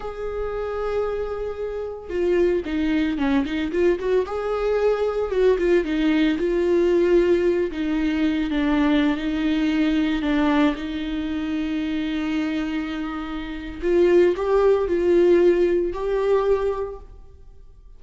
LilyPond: \new Staff \with { instrumentName = "viola" } { \time 4/4 \tempo 4 = 113 gis'1 | f'4 dis'4 cis'8 dis'8 f'8 fis'8 | gis'2 fis'8 f'8 dis'4 | f'2~ f'8 dis'4. |
d'4~ d'16 dis'2 d'8.~ | d'16 dis'2.~ dis'8.~ | dis'2 f'4 g'4 | f'2 g'2 | }